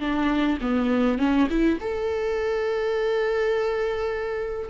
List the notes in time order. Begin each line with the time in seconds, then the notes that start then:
0.00 D4
0.61 B3
1.18 C#4
1.50 E4
1.81 A4